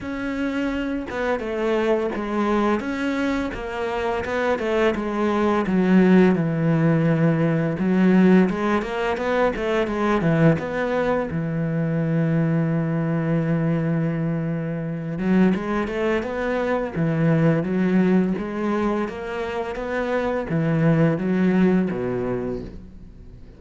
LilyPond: \new Staff \with { instrumentName = "cello" } { \time 4/4 \tempo 4 = 85 cis'4. b8 a4 gis4 | cis'4 ais4 b8 a8 gis4 | fis4 e2 fis4 | gis8 ais8 b8 a8 gis8 e8 b4 |
e1~ | e4. fis8 gis8 a8 b4 | e4 fis4 gis4 ais4 | b4 e4 fis4 b,4 | }